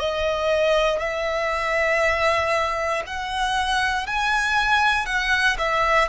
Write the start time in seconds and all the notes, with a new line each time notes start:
0.00 D#5
0.99 E5
3.06 F#5
4.06 G#5
5.06 F#5
5.58 E5